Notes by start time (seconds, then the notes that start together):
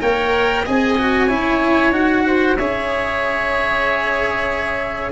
0.00 A#3 A#4 C#5 G5
0.64 C4 G#4 D#5 G#5
0.98 F#4
1.27 C#4 E4 C#5
1.91 D#4 F#4 F#5
2.26 C5
2.57 C#4 G#4 C#5 E5